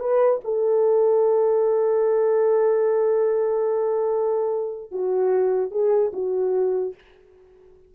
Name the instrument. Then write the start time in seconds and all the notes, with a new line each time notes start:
horn
0.00 B4
0.44 A4
4.91 F#4
5.71 G#4
6.13 F#4